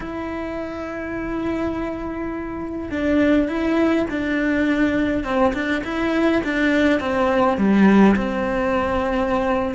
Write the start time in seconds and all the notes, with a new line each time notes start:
0.00 E4
2.90 D4
3.48 E4
4.09 D4
5.24 C4
5.53 D4
5.84 E4
6.44 D4
7.00 C4
7.57 G3
8.16 C4